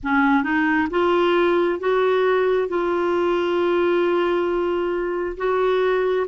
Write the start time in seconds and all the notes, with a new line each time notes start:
0.03 C#4
0.43 D#4
0.90 F4
1.79 F#4
2.68 F4
5.37 F#4